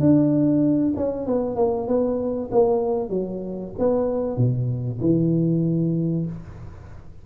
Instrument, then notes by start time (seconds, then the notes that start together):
tuba
0.00 D4
0.96 C#4
1.27 B3
1.56 A#3
1.88 B3
2.52 A#3
3.10 F#3
3.79 B3
4.37 B2
5.01 E3